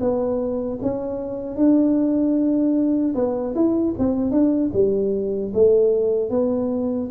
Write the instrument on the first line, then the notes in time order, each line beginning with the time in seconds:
tuba
0.00 B3
0.82 C#4
1.56 D4
3.15 B3
3.55 E4
3.98 C4
4.31 D4
4.73 G3
5.54 A3
6.30 B3